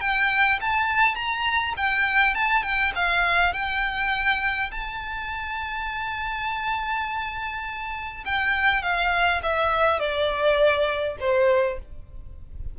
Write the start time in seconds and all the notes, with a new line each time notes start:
0.00 G5
0.60 A5
1.15 A#5
1.76 G5
2.34 A5
2.63 G5
2.95 F5
3.53 G5
4.71 A5
8.25 G5
8.82 F5
9.43 E5
9.99 D5
11.20 C5